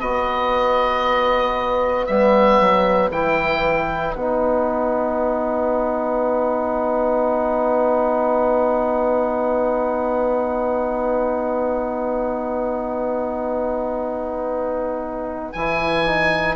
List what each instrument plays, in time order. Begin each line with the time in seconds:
0.00 bassoon B3, trombone F#4, violin B4, oboe D#5
2.06 bassoon G3, trombone B3, oboe E5
2.60 bassoon F#3
3.11 bassoon E3, trombone E4, oboe G5
4.14 bassoon B3, trombone D#4, oboe F#5
15.53 bassoon E3, trombone E4, oboe G#5
16.06 trombone D#4